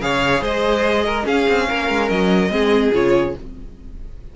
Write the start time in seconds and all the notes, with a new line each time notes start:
0.00 C#3 G#4 C#5 F5
0.42 G#3 C5 D#5
1.06 A#4
1.23 C#4 G#4 F5
1.49 C4
1.68 A#3 A#4
1.90 G#3
2.09 F#3 D#5
2.50 G#3 C4 G#4
2.93 C#3 F4 C#5